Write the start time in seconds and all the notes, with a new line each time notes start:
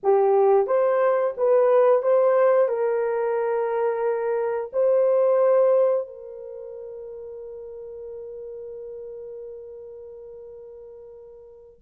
0.03 G4
0.66 C5
1.37 B4
2.02 C5
2.68 A#4
4.73 C5
6.07 A#4